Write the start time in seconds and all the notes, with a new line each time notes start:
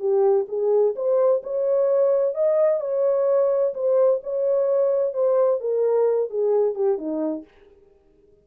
0.00 G4
0.48 G#4
0.96 C5
1.43 C#5
2.35 D#5
2.81 C#5
3.74 C5
4.23 C#5
5.14 C5
5.60 A#4
6.30 G#4
6.75 G4
6.98 D#4